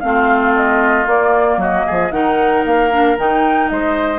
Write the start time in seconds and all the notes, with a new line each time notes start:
0.00 A3 C4 F4 F5
0.55 D#5
1.05 A#3 D5
1.57 F#3 F#4 D#5
1.86 F3 G#4
2.11 D#3 D#4 A#4 F#5
2.65 A#3 F5
2.91 D4
3.17 D#3 D#4 G5
3.69 G#3 C5 D#5